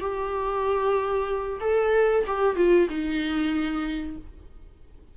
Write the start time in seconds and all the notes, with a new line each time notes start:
0.00 G4
1.60 A4
2.27 G4
2.56 F4
2.89 D#4